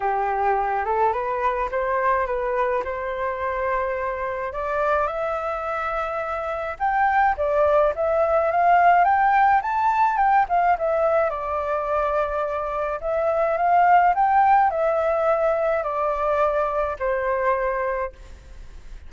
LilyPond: \new Staff \with { instrumentName = "flute" } { \time 4/4 \tempo 4 = 106 g'4. a'8 b'4 c''4 | b'4 c''2. | d''4 e''2. | g''4 d''4 e''4 f''4 |
g''4 a''4 g''8 f''8 e''4 | d''2. e''4 | f''4 g''4 e''2 | d''2 c''2 | }